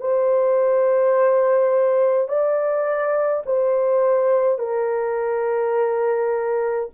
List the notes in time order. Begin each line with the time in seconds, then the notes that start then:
0.00 C5
2.28 D5
3.46 C5
4.58 A#4